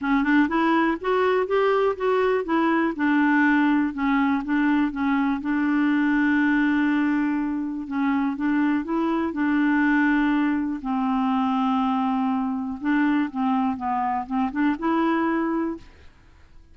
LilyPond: \new Staff \with { instrumentName = "clarinet" } { \time 4/4 \tempo 4 = 122 cis'8 d'8 e'4 fis'4 g'4 | fis'4 e'4 d'2 | cis'4 d'4 cis'4 d'4~ | d'1 |
cis'4 d'4 e'4 d'4~ | d'2 c'2~ | c'2 d'4 c'4 | b4 c'8 d'8 e'2 | }